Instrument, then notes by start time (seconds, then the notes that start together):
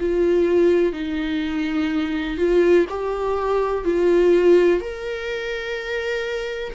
viola
0.00 F4
0.93 D#4
2.38 F4
2.90 G4
3.85 F4
4.81 A#4